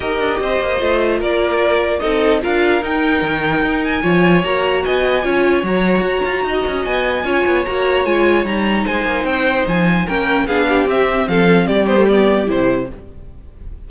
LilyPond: <<
  \new Staff \with { instrumentName = "violin" } { \time 4/4 \tempo 4 = 149 dis''2. d''4~ | d''4 dis''4 f''4 g''4~ | g''4. gis''4. ais''4 | gis''2 ais''2~ |
ais''4 gis''2 ais''4 | gis''4 ais''4 gis''4 g''4 | gis''4 g''4 f''4 e''4 | f''4 d''8 c''8 d''4 c''4 | }
  \new Staff \with { instrumentName = "violin" } { \time 4/4 ais'4 c''2 ais'4~ | ais'4 a'4 ais'2~ | ais'2 cis''2 | dis''4 cis''2. |
dis''2 cis''2~ | cis''2 c''2~ | c''4 ais'4 gis'8 g'4. | a'4 g'2. | }
  \new Staff \with { instrumentName = "viola" } { \time 4/4 g'2 f'2~ | f'4 dis'4 f'4 dis'4~ | dis'2 f'4 fis'4~ | fis'4 f'4 fis'2~ |
fis'2 f'4 fis'4 | f'4 dis'2.~ | dis'4 cis'4 d'4 c'4~ | c'4. b16 a16 b4 e'4 | }
  \new Staff \with { instrumentName = "cello" } { \time 4/4 dis'8 d'8 c'8 ais8 a4 ais4~ | ais4 c'4 d'4 dis'4 | dis4 dis'4 f4 ais4 | b4 cis'4 fis4 fis'8 f'8 |
dis'8 cis'8 b4 cis'8 b8 ais4 | gis4 g4 gis8 ais8 c'4 | f4 ais4 b4 c'4 | f4 g2 c4 | }
>>